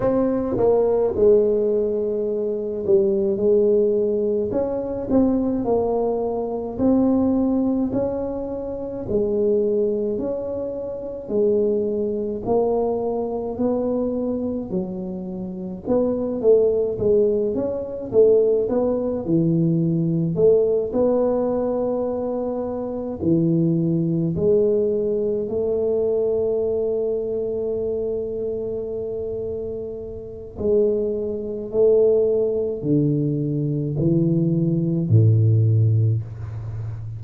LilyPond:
\new Staff \with { instrumentName = "tuba" } { \time 4/4 \tempo 4 = 53 c'8 ais8 gis4. g8 gis4 | cis'8 c'8 ais4 c'4 cis'4 | gis4 cis'4 gis4 ais4 | b4 fis4 b8 a8 gis8 cis'8 |
a8 b8 e4 a8 b4.~ | b8 e4 gis4 a4.~ | a2. gis4 | a4 d4 e4 a,4 | }